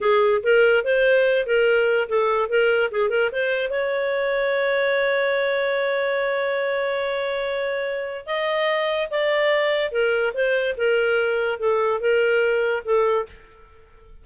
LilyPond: \new Staff \with { instrumentName = "clarinet" } { \time 4/4 \tempo 4 = 145 gis'4 ais'4 c''4. ais'8~ | ais'4 a'4 ais'4 gis'8 ais'8 | c''4 cis''2.~ | cis''1~ |
cis''1 | dis''2 d''2 | ais'4 c''4 ais'2 | a'4 ais'2 a'4 | }